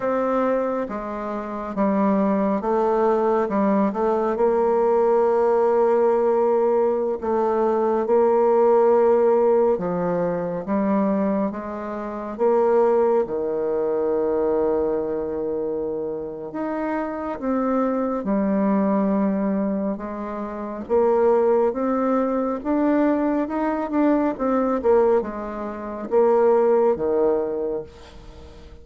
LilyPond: \new Staff \with { instrumentName = "bassoon" } { \time 4/4 \tempo 4 = 69 c'4 gis4 g4 a4 | g8 a8 ais2.~ | ais16 a4 ais2 f8.~ | f16 g4 gis4 ais4 dis8.~ |
dis2. dis'4 | c'4 g2 gis4 | ais4 c'4 d'4 dis'8 d'8 | c'8 ais8 gis4 ais4 dis4 | }